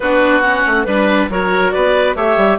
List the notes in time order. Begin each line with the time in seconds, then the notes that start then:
0.00 B3 D4 F#4 B4
0.41 C#4 F#5
0.66 A3
0.83 G3 D4 B4
1.29 F#3 F#4 A#4 C#5
1.71 B3 B4 D5
2.15 A3 G4 C#5 E5
2.36 G3